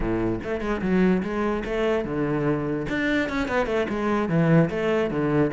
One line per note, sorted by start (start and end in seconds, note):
0.00 0.39 A2
0.43 0.60 A3
0.60 0.81 G#3
0.81 1.22 F#3
1.22 1.63 G#3
1.64 2.05 A3
2.05 2.86 D3
2.88 3.29 D4
3.29 3.47 C#4
3.47 3.66 B3
3.66 3.86 A3
3.89 4.29 G#3
4.29 4.69 E3
4.70 5.10 A3
5.10 5.51 D3